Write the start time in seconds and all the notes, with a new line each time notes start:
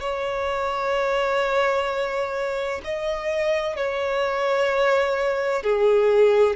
0.00 C#5
2.84 D#5
3.76 C#5
5.62 G#4